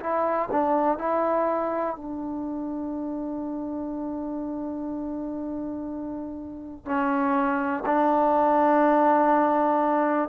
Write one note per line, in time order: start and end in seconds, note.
0.00 0.49 E4
0.52 0.98 D4
0.98 1.96 E4
1.96 6.86 D4
6.86 7.84 C#4
7.86 10.29 D4